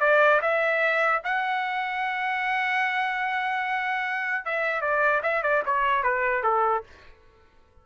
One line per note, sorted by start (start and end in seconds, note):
0.00 0.40 D5
0.42 1.22 E5
1.24 4.45 F#5
4.45 4.81 E5
4.81 5.21 D5
5.23 5.43 E5
5.43 5.63 D5
5.66 6.03 C#5
6.03 6.43 B4
6.43 6.83 A4